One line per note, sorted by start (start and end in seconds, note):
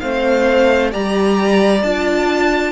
0.00 0.94 A3
0.00 0.91 C4
0.00 0.92 C5
0.00 0.91 F5
0.91 1.83 G3
0.91 1.82 G4
0.91 2.72 D5
0.91 1.83 A#5
1.83 2.72 D4
1.83 2.72 F4
1.83 2.72 A5